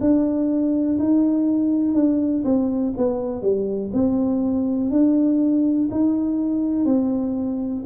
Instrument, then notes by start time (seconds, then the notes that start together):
tuba
0.00 D4
0.99 D#4
1.94 D4
2.44 C4
2.97 B3
3.42 G3
3.93 C4
4.90 D4
5.91 D#4
6.85 C4